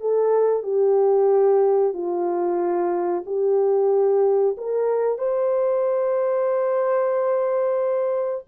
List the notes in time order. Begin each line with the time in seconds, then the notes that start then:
0.00 A4
0.63 G4
1.93 F4
3.26 G4
4.57 A#4
5.18 C5